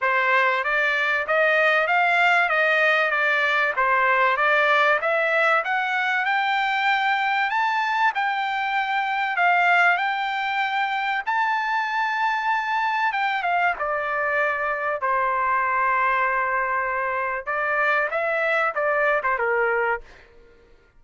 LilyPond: \new Staff \with { instrumentName = "trumpet" } { \time 4/4 \tempo 4 = 96 c''4 d''4 dis''4 f''4 | dis''4 d''4 c''4 d''4 | e''4 fis''4 g''2 | a''4 g''2 f''4 |
g''2 a''2~ | a''4 g''8 f''8 d''2 | c''1 | d''4 e''4 d''8. c''16 ais'4 | }